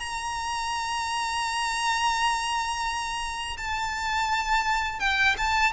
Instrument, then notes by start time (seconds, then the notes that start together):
violin
0.00 A#5
3.57 A5
5.00 G5
5.38 A5